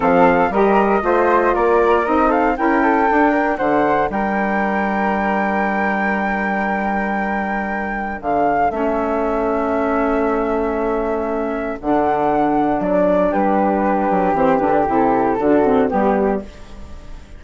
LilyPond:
<<
  \new Staff \with { instrumentName = "flute" } { \time 4/4 \tempo 4 = 117 f''4 dis''2 d''4 | dis''8 f''8 g''2 fis''4 | g''1~ | g''1 |
f''4 e''2.~ | e''2. fis''4~ | fis''4 d''4 b'2 | c''8 b'8 a'2 g'4 | }
  \new Staff \with { instrumentName = "flute" } { \time 4/4 a'4 ais'4 c''4 ais'4~ | ais'8 a'8 ais'8 a'4 ais'8 c''4 | ais'1~ | ais'1 |
a'1~ | a'1~ | a'2 g'2~ | g'2 fis'4 g'4 | }
  \new Staff \with { instrumentName = "saxophone" } { \time 4/4 c'4 g'4 f'2 | dis'4 e'4 d'2~ | d'1~ | d'1~ |
d'4 cis'2.~ | cis'2. d'4~ | d'1 | c'8 d'8 e'4 d'8 c'8 b4 | }
  \new Staff \with { instrumentName = "bassoon" } { \time 4/4 f4 g4 a4 ais4 | c'4 cis'4 d'4 d4 | g1~ | g1 |
d4 a2.~ | a2. d4~ | d4 fis4 g4. fis8 | e8 d8 c4 d4 g4 | }
>>